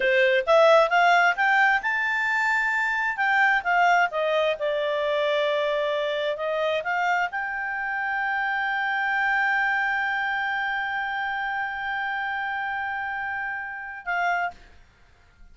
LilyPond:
\new Staff \with { instrumentName = "clarinet" } { \time 4/4 \tempo 4 = 132 c''4 e''4 f''4 g''4 | a''2. g''4 | f''4 dis''4 d''2~ | d''2 dis''4 f''4 |
g''1~ | g''1~ | g''1~ | g''2. f''4 | }